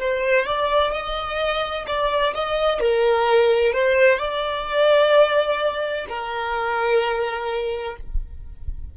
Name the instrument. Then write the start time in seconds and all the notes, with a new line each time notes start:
violin
0.00 C5
0.46 D5
0.92 D#5
1.87 D5
2.35 D#5
2.80 A#4
3.73 C5
4.19 D5
6.09 A#4